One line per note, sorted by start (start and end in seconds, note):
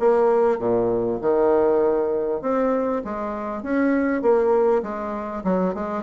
0.00 0.59 A#3
0.59 1.20 A#2
1.22 2.42 D#3
2.42 3.03 C4
3.05 3.63 G#3
3.63 4.22 C#4
4.22 4.83 A#3
4.83 5.44 G#3
5.44 5.75 F#3
5.75 6.04 G#3